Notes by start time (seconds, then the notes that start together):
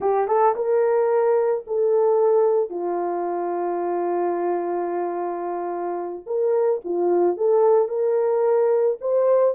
0.00 G4
0.27 A4
0.55 A#4
1.66 A4
2.70 F4
6.26 A#4
6.84 F4
7.36 A4
7.88 A#4
9.00 C5